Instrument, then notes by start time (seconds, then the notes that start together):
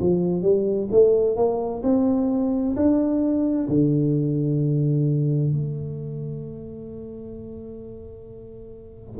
tuba
0.00 F3
0.42 G3
0.91 A3
1.36 A#3
1.83 C4
2.76 D4
3.69 D3
5.52 A3